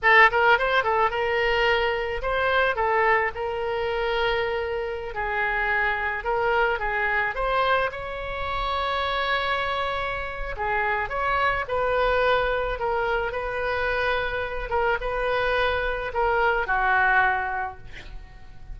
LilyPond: \new Staff \with { instrumentName = "oboe" } { \time 4/4 \tempo 4 = 108 a'8 ais'8 c''8 a'8 ais'2 | c''4 a'4 ais'2~ | ais'4~ ais'16 gis'2 ais'8.~ | ais'16 gis'4 c''4 cis''4.~ cis''16~ |
cis''2. gis'4 | cis''4 b'2 ais'4 | b'2~ b'8 ais'8 b'4~ | b'4 ais'4 fis'2 | }